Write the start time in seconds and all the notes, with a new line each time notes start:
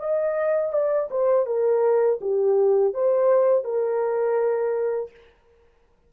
0.00 D#5
0.73 D5
1.11 C5
1.46 A#4
2.22 G4
2.94 C5
3.65 A#4